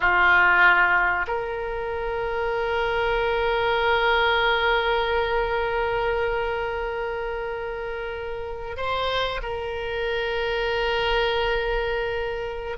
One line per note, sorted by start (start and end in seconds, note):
0.00 1.26 F4
1.27 8.76 A#4
8.76 9.40 C5
9.42 12.77 A#4